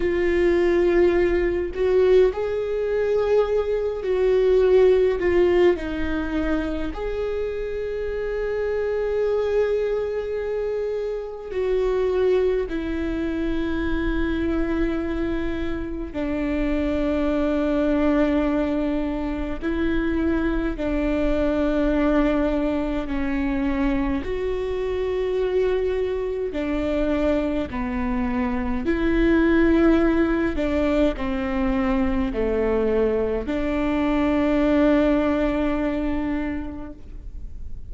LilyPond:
\new Staff \with { instrumentName = "viola" } { \time 4/4 \tempo 4 = 52 f'4. fis'8 gis'4. fis'8~ | fis'8 f'8 dis'4 gis'2~ | gis'2 fis'4 e'4~ | e'2 d'2~ |
d'4 e'4 d'2 | cis'4 fis'2 d'4 | b4 e'4. d'8 c'4 | a4 d'2. | }